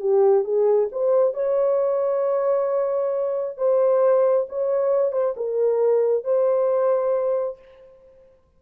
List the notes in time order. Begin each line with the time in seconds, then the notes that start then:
0.00 G4
0.44 G#4
0.92 C5
1.34 C#5
3.57 C5
4.49 C#5
5.12 C5
5.36 A#4
6.24 C5